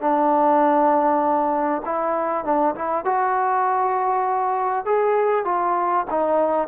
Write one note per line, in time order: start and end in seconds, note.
0.00 1.82 D4
1.85 2.44 E4
2.44 2.74 D4
2.75 3.04 E4
3.04 4.85 F#4
4.85 5.45 G#4
5.45 6.05 F4
6.10 6.68 D#4